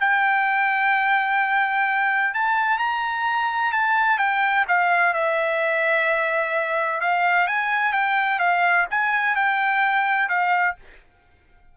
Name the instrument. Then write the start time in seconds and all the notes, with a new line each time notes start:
trumpet
0.00 G5
2.34 A5
2.78 A#5
3.72 A5
4.18 G5
4.68 F5
5.13 E5
7.00 F5
7.47 G#5
7.93 G5
8.39 F5
8.90 G#5
9.35 G5
10.28 F5